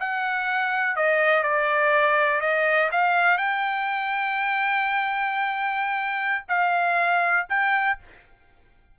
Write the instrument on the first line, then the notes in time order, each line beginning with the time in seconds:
trumpet
0.00 F#5
0.97 D#5
1.44 D5
2.41 D#5
2.92 F5
3.38 G5
6.49 F5
7.50 G5